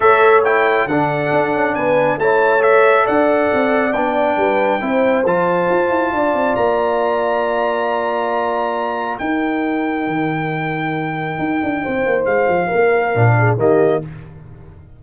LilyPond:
<<
  \new Staff \with { instrumentName = "trumpet" } { \time 4/4 \tempo 4 = 137 e''4 g''4 fis''2 | gis''4 a''4 e''4 fis''4~ | fis''4 g''2. | a''2. ais''4~ |
ais''1~ | ais''4 g''2.~ | g''1 | f''2. dis''4 | }
  \new Staff \with { instrumentName = "horn" } { \time 4/4 cis''2 a'2 | b'4 cis''2 d''4~ | d''2 b'4 c''4~ | c''2 d''2~ |
d''1~ | d''4 ais'2.~ | ais'2. c''4~ | c''4 ais'4. gis'8 g'4 | }
  \new Staff \with { instrumentName = "trombone" } { \time 4/4 a'4 e'4 d'2~ | d'4 e'4 a'2~ | a'4 d'2 e'4 | f'1~ |
f'1~ | f'4 dis'2.~ | dis'1~ | dis'2 d'4 ais4 | }
  \new Staff \with { instrumentName = "tuba" } { \time 4/4 a2 d4 d'8 cis'8 | b4 a2 d'4 | c'4 b4 g4 c'4 | f4 f'8 e'8 d'8 c'8 ais4~ |
ais1~ | ais4 dis'2 dis4~ | dis2 dis'8 d'8 c'8 ais8 | gis8 f8 ais4 ais,4 dis4 | }
>>